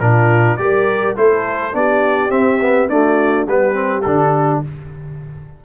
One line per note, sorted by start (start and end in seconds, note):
0.00 0.58 A#2
0.00 0.58 D4
0.00 0.58 F4
0.00 0.57 A#4
0.57 1.16 G3
0.57 1.16 G4
0.57 1.18 A#4
0.57 1.14 D5
1.16 1.74 A3
1.16 1.72 E4
1.16 1.75 A4
1.16 1.75 C5
1.72 2.30 B3
1.72 2.29 D4
1.72 2.91 G4
1.72 2.31 D5
2.29 2.58 C4
2.29 2.87 C4
2.29 2.88 E5
2.60 2.89 B3
2.89 3.47 A3
2.89 3.46 D4
2.89 3.48 F#4
2.89 3.47 D5
3.46 4.04 G3
3.46 3.73 B3
3.46 4.63 G4
3.46 4.01 B4
3.73 4.02 C4
4.01 4.63 D3
4.01 4.64 D4
4.01 4.59 A4